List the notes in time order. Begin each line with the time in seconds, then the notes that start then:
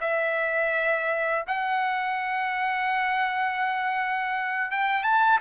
0.00 E5
1.47 F#5
4.71 G5
5.03 A5